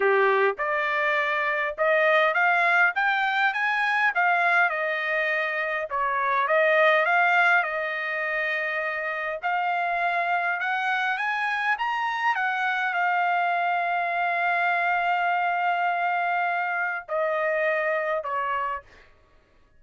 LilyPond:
\new Staff \with { instrumentName = "trumpet" } { \time 4/4 \tempo 4 = 102 g'4 d''2 dis''4 | f''4 g''4 gis''4 f''4 | dis''2 cis''4 dis''4 | f''4 dis''2. |
f''2 fis''4 gis''4 | ais''4 fis''4 f''2~ | f''1~ | f''4 dis''2 cis''4 | }